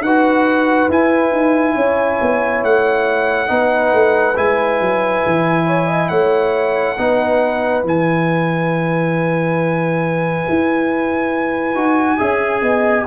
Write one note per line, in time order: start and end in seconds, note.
0.00 0.87 D#4
0.00 0.89 F#4
0.00 1.75 B4
0.00 0.89 F#5
0.88 1.32 E4
0.88 3.47 E4
0.88 2.64 G#5
1.32 1.75 D#4
1.75 2.19 C#4
1.75 3.49 C#5
2.21 2.63 B3
2.63 3.50 A3
2.63 4.37 F#5
3.47 3.93 B3
3.47 4.34 D#4
3.47 5.66 B4
3.93 4.36 A3
4.36 4.80 G#3
4.36 6.97 E4
4.36 6.08 G#5
4.80 5.24 F#3
5.26 6.10 E3
5.66 5.86 C#5
5.86 6.08 D#5
6.08 6.97 A3
6.08 6.97 C#5
6.08 7.82 F#5
6.98 7.84 B3
6.98 7.83 D#4
6.98 12.17 B4
7.83 10.44 E3
7.83 11.74 E4
7.83 13.07 G#5
10.49 11.74 E4
11.74 12.18 D#4
11.74 12.18 F#4
12.17 12.62 C#4
12.17 13.05 G#4
12.17 12.60 E5
12.62 13.05 B3
12.62 13.05 D#5